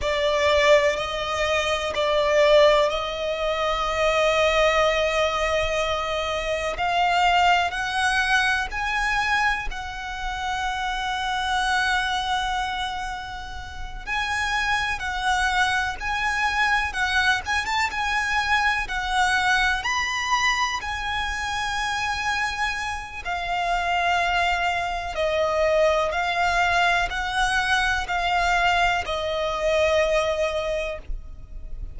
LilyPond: \new Staff \with { instrumentName = "violin" } { \time 4/4 \tempo 4 = 62 d''4 dis''4 d''4 dis''4~ | dis''2. f''4 | fis''4 gis''4 fis''2~ | fis''2~ fis''8 gis''4 fis''8~ |
fis''8 gis''4 fis''8 gis''16 a''16 gis''4 fis''8~ | fis''8 b''4 gis''2~ gis''8 | f''2 dis''4 f''4 | fis''4 f''4 dis''2 | }